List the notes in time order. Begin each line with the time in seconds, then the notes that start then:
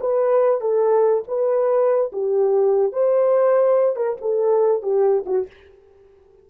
0.00 B4
0.61 A4
1.28 B4
2.13 G4
2.93 C5
3.96 A#4
4.21 A4
4.83 G4
5.26 F#4